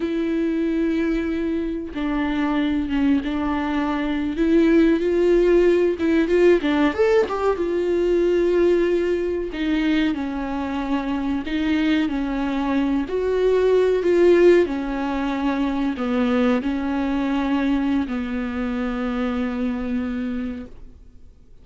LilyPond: \new Staff \with { instrumentName = "viola" } { \time 4/4 \tempo 4 = 93 e'2. d'4~ | d'8 cis'8 d'4.~ d'16 e'4 f'16~ | f'4~ f'16 e'8 f'8 d'8 a'8 g'8 f'16~ | f'2~ f'8. dis'4 cis'16~ |
cis'4.~ cis'16 dis'4 cis'4~ cis'16~ | cis'16 fis'4. f'4 cis'4~ cis'16~ | cis'8. b4 cis'2~ cis'16 | b1 | }